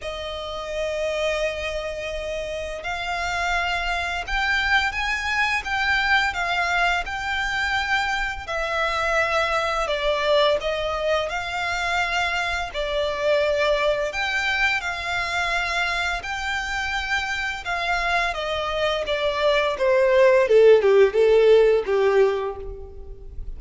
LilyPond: \new Staff \with { instrumentName = "violin" } { \time 4/4 \tempo 4 = 85 dis''1 | f''2 g''4 gis''4 | g''4 f''4 g''2 | e''2 d''4 dis''4 |
f''2 d''2 | g''4 f''2 g''4~ | g''4 f''4 dis''4 d''4 | c''4 a'8 g'8 a'4 g'4 | }